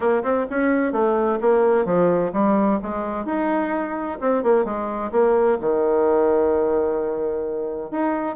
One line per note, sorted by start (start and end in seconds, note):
0.00 0.22 A#3
0.23 0.46 C4
0.50 0.92 C#4
0.92 1.38 A3
1.41 1.85 A#3
1.85 2.31 F3
2.33 2.79 G3
2.82 3.25 G#3
3.25 4.18 D#4
4.21 4.43 C4
4.43 4.64 A#3
4.64 5.11 G#3
5.11 5.58 A#3
5.60 7.90 D#3
7.90 8.36 D#4